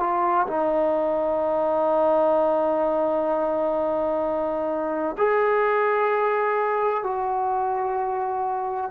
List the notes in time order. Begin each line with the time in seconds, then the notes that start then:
0.00 F4
0.48 D#4
5.19 G#4
7.04 F#4